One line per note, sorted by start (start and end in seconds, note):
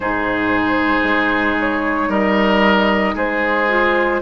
0.00 1.03 G#2
0.00 3.69 D#4
0.00 2.09 G#4
0.00 1.56 C5
1.03 2.08 G#3
1.60 2.11 C#5
2.08 3.13 G3
2.08 3.14 A#4
2.08 3.16 D#5
3.14 4.20 G#3
3.14 4.20 G#4
3.14 4.21 C5
3.69 4.21 F4